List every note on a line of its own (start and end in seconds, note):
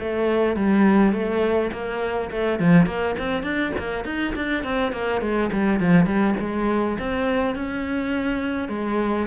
0.00 0.56 A3
0.56 1.13 G3
1.13 1.71 A3
1.72 2.31 A#3
2.31 2.60 A3
2.60 2.86 F3
2.86 3.16 A#3
3.19 3.43 C4
3.43 3.72 D4
3.78 4.05 A#3
4.05 4.34 D#4
4.36 4.64 D4
4.64 4.92 C4
4.92 5.22 A#3
5.22 5.51 G#3
5.52 5.80 G3
5.80 6.06 F3
6.06 6.35 G3
6.40 6.98 G#3
6.99 7.56 C4
7.56 8.69 C#4
8.69 9.27 G#3